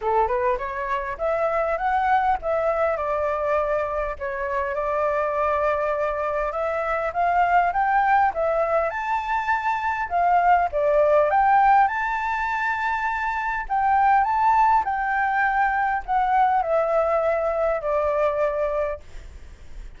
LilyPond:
\new Staff \with { instrumentName = "flute" } { \time 4/4 \tempo 4 = 101 a'8 b'8 cis''4 e''4 fis''4 | e''4 d''2 cis''4 | d''2. e''4 | f''4 g''4 e''4 a''4~ |
a''4 f''4 d''4 g''4 | a''2. g''4 | a''4 g''2 fis''4 | e''2 d''2 | }